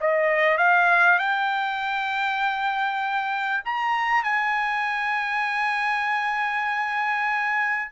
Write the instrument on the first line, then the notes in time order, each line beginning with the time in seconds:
trumpet
0.00 D#5
0.57 F5
1.19 G5
3.65 A#5
4.23 G#5